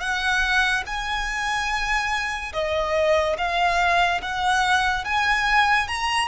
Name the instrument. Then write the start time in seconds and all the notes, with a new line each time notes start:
violin
0.00 F#5
0.86 G#5
2.53 D#5
3.37 F5
4.21 F#5
5.05 G#5
5.87 A#5